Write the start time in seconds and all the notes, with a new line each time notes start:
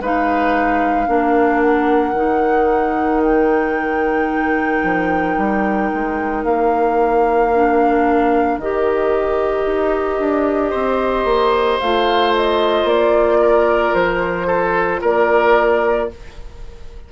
0.00 G#3 D#4 B4 F5
1.07 A#3 D4 A#4
1.61 F#5
2.13 D#3 D#4
3.23 G5
4.83 F3
5.37 G3
5.94 G#3
6.44 A#3 F5
7.54 D4
8.57 D#3 G4 D#5
9.65 D#4
10.19 D4
10.70 C4 C5
11.24 A#3
11.80 A3 F4 F5
12.35 D#5
12.84 A#3 D5
13.41 A#4
13.94 F3 C5
14.47 A4
15.01 A#3 A#4 D5